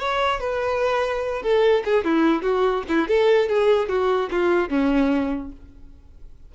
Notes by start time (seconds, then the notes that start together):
0.00 C#5
0.40 B4
1.43 A4
1.85 G#4
2.05 E4
2.43 F#4
2.89 E4
3.08 A4
3.49 G#4
3.89 F#4
4.31 F4
4.70 C#4